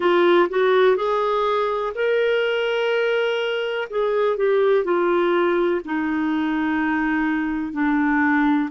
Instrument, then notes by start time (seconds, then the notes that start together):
clarinet
0.00 F4
0.49 F#4
0.96 G#4
1.94 A#4
3.90 G#4
4.36 G4
4.84 F4
5.84 D#4
7.72 D4